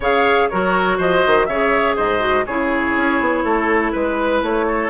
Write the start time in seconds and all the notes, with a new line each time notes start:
0.00 C#3 G#4 C#5 F5
0.48 F#3 F#4 A#4 C#5
0.97 F3 C5 D#5
1.26 D#3
1.45 C#3 G#4 C#5 E5
1.95 G#2 C5 D#5
2.19 F#4
2.46 C#3 E4 G#4 C#5
2.97 C#4
3.20 B3
3.43 A3 A4
3.92 G#3 B4
4.42 A3 C#5
4.67 A4